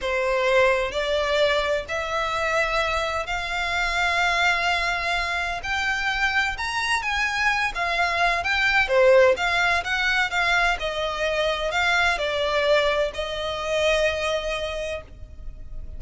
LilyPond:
\new Staff \with { instrumentName = "violin" } { \time 4/4 \tempo 4 = 128 c''2 d''2 | e''2. f''4~ | f''1 | g''2 ais''4 gis''4~ |
gis''8 f''4. g''4 c''4 | f''4 fis''4 f''4 dis''4~ | dis''4 f''4 d''2 | dis''1 | }